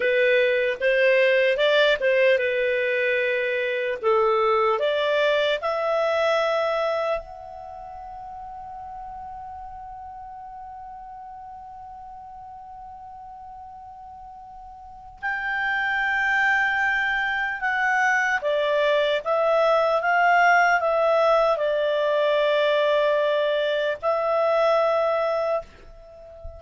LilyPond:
\new Staff \with { instrumentName = "clarinet" } { \time 4/4 \tempo 4 = 75 b'4 c''4 d''8 c''8 b'4~ | b'4 a'4 d''4 e''4~ | e''4 fis''2.~ | fis''1~ |
fis''2. g''4~ | g''2 fis''4 d''4 | e''4 f''4 e''4 d''4~ | d''2 e''2 | }